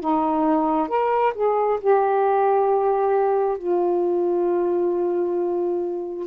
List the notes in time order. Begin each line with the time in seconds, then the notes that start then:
0.00 D#4
0.88 A#4
1.34 G#4
1.81 G4
3.57 F4